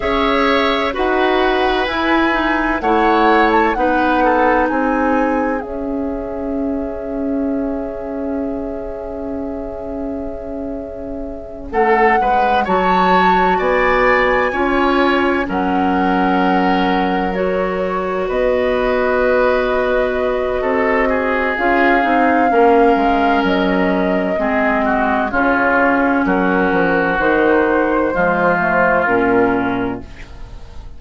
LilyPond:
<<
  \new Staff \with { instrumentName = "flute" } { \time 4/4 \tempo 4 = 64 e''4 fis''4 gis''4 fis''8. a''16 | fis''4 gis''4 e''2~ | e''1~ | e''8 fis''4 a''4 gis''4.~ |
gis''8 fis''2 cis''4 dis''8~ | dis''2. f''4~ | f''4 dis''2 cis''4 | ais'4 c''2 ais'4 | }
  \new Staff \with { instrumentName = "oboe" } { \time 4/4 cis''4 b'2 cis''4 | b'8 a'8 gis'2.~ | gis'1~ | gis'8 a'8 b'8 cis''4 d''4 cis''8~ |
cis''8 ais'2. b'8~ | b'2 a'8 gis'4. | ais'2 gis'8 fis'8 f'4 | fis'2 f'2 | }
  \new Staff \with { instrumentName = "clarinet" } { \time 4/4 gis'4 fis'4 e'8 dis'8 e'4 | dis'2 cis'2~ | cis'1~ | cis'4. fis'2 f'8~ |
f'8 cis'2 fis'4.~ | fis'2. f'8 dis'8 | cis'2 c'4 cis'4~ | cis'4 dis'4 gis8 a8 cis'4 | }
  \new Staff \with { instrumentName = "bassoon" } { \time 4/4 cis'4 dis'4 e'4 a4 | b4 c'4 cis'2~ | cis'1~ | cis'8 a8 gis8 fis4 b4 cis'8~ |
cis'8 fis2. b8~ | b2 c'4 cis'8 c'8 | ais8 gis8 fis4 gis4 cis4 | fis8 f8 dis4 f4 ais,4 | }
>>